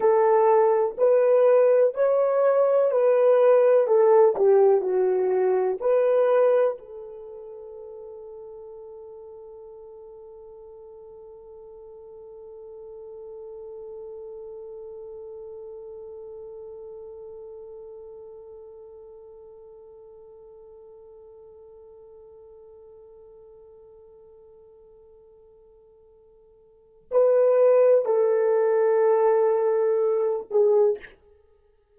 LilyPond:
\new Staff \with { instrumentName = "horn" } { \time 4/4 \tempo 4 = 62 a'4 b'4 cis''4 b'4 | a'8 g'8 fis'4 b'4 a'4~ | a'1~ | a'1~ |
a'1~ | a'1~ | a'1 | b'4 a'2~ a'8 gis'8 | }